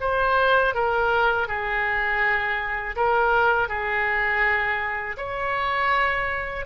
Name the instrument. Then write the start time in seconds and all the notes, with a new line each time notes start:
oboe
0.00 C5
0.74 A#4
1.47 G#4
2.96 A#4
3.68 G#4
5.17 C#5